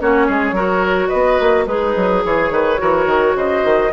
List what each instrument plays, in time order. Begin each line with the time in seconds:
0.00 bassoon A#3, clarinet C#4, oboe F#4, flute C#5
0.27 bassoon G#3, oboe G#4
0.52 bassoon F#3, clarinet F#4, oboe A#4
1.09 bassoon B3, oboe B4, flute D#5
1.40 bassoon A#3
1.67 bassoon G#3, oboe D#4, clarinet G#4, flute B4
1.96 bassoon F#3
2.25 bassoon E3, oboe G#4, flute C#5
2.51 bassoon D#3, oboe B4
2.78 bassoon E3, clarinet F#4, oboe A#4
3.06 bassoon D#3
3.36 bassoon C#3, oboe C5, flute D#5
3.64 bassoon D#3